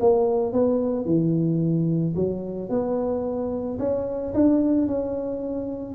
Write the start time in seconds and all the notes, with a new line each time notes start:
0.00 A#3
0.52 B3
1.05 E3
2.15 F#3
2.69 B3
3.79 C#4
4.34 D4
4.87 C#4